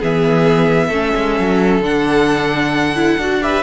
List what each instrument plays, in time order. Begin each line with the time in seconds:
0.00 cello E3, viola B3, violin G#4 E5
0.88 cello A3, viola C#4, violin A4
1.17 cello G#3
1.40 cello F#3
1.80 cello D3, viola D4, violin F#5
2.96 viola E4
3.18 cello D4, viola F#4
3.42 viola G4, violin B4 E5